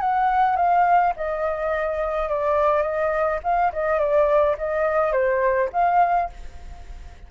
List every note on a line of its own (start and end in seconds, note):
0.00 0.56 F#5
0.56 1.13 F5
1.16 2.29 D#5
2.29 2.82 D5
2.82 3.39 D#5
3.43 3.72 F5
3.72 3.99 D#5
3.99 4.56 D5
4.58 5.12 D#5
5.12 5.69 C5
5.72 6.30 F5